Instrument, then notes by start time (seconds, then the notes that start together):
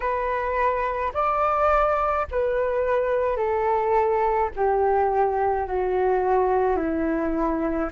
flute
0.00 B4
1.13 D5
2.31 B4
3.37 A4
4.55 G4
5.67 F#4
6.76 E4